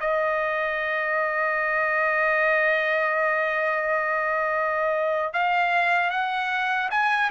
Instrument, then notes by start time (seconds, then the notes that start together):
trumpet
0.00 D#5
5.33 F5
6.10 F#5
6.90 G#5